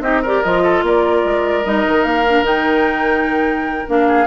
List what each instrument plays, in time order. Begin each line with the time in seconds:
0.00 bassoon C4, clarinet D#4, oboe G4, flute D#5
0.22 clarinet G4, oboe A#4, flute D5
0.43 bassoon F3, clarinet F4, flute D#5
0.63 oboe A4
0.82 bassoon A#3, oboe A#4, flute D5
1.24 bassoon G#3
1.64 bassoon G3, clarinet D#4, flute D#5
1.87 bassoon D#3
2.04 bassoon A#3, flute F5
2.28 clarinet D4
2.42 bassoon D#3, clarinet D#4, flute G5
3.87 bassoon A#3, clarinet D4, flute F5
4.07 oboe G#4